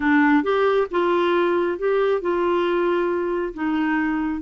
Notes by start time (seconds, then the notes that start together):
0.00 D4
0.43 G4
0.90 F4
1.78 G4
2.21 F4
3.53 D#4